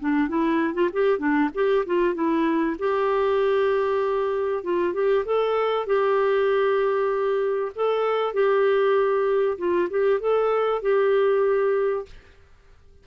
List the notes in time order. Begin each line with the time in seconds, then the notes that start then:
0.00 D4
0.29 E4
0.74 F4
0.93 G4
1.19 D4
1.54 G4
1.86 F4
2.15 E4
2.79 G4
4.64 F4
4.94 G4
5.25 A4
5.87 G4
7.75 A4
8.34 G4
9.58 F4
9.90 G4
10.20 A4
10.82 G4